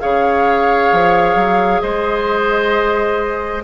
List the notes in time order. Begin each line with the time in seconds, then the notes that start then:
0.00 C#3 G#4 C#5 F5
0.92 F3
1.36 F#3
1.81 G#3 C5 D#5